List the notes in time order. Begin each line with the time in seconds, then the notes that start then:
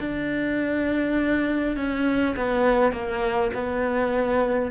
0.00 D4
1.76 C#4
2.36 B3
2.93 A#3
3.54 B3